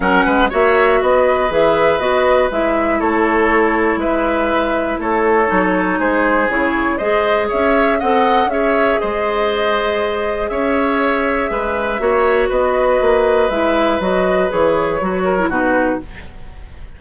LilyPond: <<
  \new Staff \with { instrumentName = "flute" } { \time 4/4 \tempo 4 = 120 fis''4 e''4 dis''4 e''4 | dis''4 e''4 cis''2 | e''2 cis''2 | c''4 cis''4 dis''4 e''4 |
fis''4 e''4 dis''2~ | dis''4 e''2.~ | e''4 dis''2 e''4 | dis''4 cis''2 b'4 | }
  \new Staff \with { instrumentName = "oboe" } { \time 4/4 ais'8 b'8 cis''4 b'2~ | b'2 a'2 | b'2 a'2 | gis'2 c''4 cis''4 |
dis''4 cis''4 c''2~ | c''4 cis''2 b'4 | cis''4 b'2.~ | b'2~ b'8 ais'8 fis'4 | }
  \new Staff \with { instrumentName = "clarinet" } { \time 4/4 cis'4 fis'2 gis'4 | fis'4 e'2.~ | e'2. dis'4~ | dis'4 e'4 gis'2 |
a'4 gis'2.~ | gis'1 | fis'2. e'4 | fis'4 gis'4 fis'8. e'16 dis'4 | }
  \new Staff \with { instrumentName = "bassoon" } { \time 4/4 fis8 gis8 ais4 b4 e4 | b4 gis4 a2 | gis2 a4 fis4 | gis4 cis4 gis4 cis'4 |
c'4 cis'4 gis2~ | gis4 cis'2 gis4 | ais4 b4 ais4 gis4 | fis4 e4 fis4 b,4 | }
>>